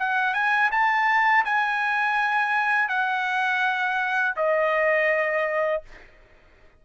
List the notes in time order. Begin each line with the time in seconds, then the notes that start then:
0.00 F#5
0.34 G#5
0.72 A5
1.46 G#5
2.89 F#5
4.37 D#5